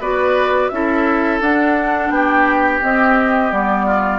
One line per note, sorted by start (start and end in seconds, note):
0.00 0.70 B3
0.00 0.72 F#4
0.00 0.70 B4
0.00 0.69 D5
0.69 1.41 C#4
0.69 1.42 E4
0.69 1.39 E5
0.75 2.14 A4
1.41 2.10 D4
1.41 2.81 D4
1.41 2.11 F#5
2.10 2.80 B3
2.10 3.86 G4
2.10 2.81 G5
2.81 3.50 C4
2.81 3.52 C4
2.81 3.51 D#5
3.50 4.19 G3
3.50 4.19 B3
3.50 4.19 D5
3.86 4.19 F4